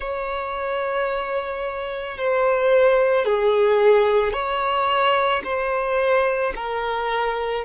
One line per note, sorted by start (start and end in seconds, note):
0.00 2.17 C#5
2.17 3.25 C5
3.25 4.32 G#4
4.32 5.41 C#5
5.43 6.53 C5
6.55 7.64 A#4